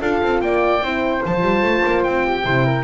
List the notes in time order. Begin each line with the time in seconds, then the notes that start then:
0.00 D4 F4 A4 F5
0.22 C4
0.41 A#3 D5 G5
0.81 C4 E4 C5
1.24 F3 F4 A5
1.42 G3
1.61 A3
1.85 A#3
2.03 C4 G5
2.26 G4
2.44 C3 E4 C5
2.65 A#4